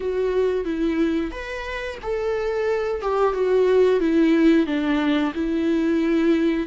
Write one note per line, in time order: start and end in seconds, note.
0.00 0.64 F#4
0.64 1.31 E4
1.31 1.98 B4
2.02 3.02 A4
3.02 3.33 G4
3.33 3.99 F#4
3.99 4.66 E4
4.66 5.32 D4
5.34 6.67 E4